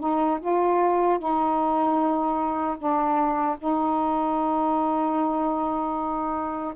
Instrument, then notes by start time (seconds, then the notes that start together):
saxophone
0.00 D#4
0.41 F4
1.19 D#4
2.78 D4
3.58 D#4